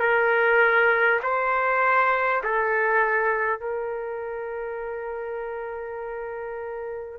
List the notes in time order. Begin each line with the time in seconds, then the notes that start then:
0.00 A#4
1.23 C5
2.44 A4
3.60 A#4